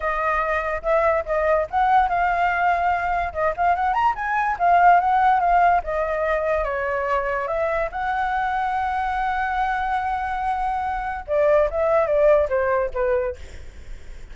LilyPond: \new Staff \with { instrumentName = "flute" } { \time 4/4 \tempo 4 = 144 dis''2 e''4 dis''4 | fis''4 f''2. | dis''8 f''8 fis''8 ais''8 gis''4 f''4 | fis''4 f''4 dis''2 |
cis''2 e''4 fis''4~ | fis''1~ | fis''2. d''4 | e''4 d''4 c''4 b'4 | }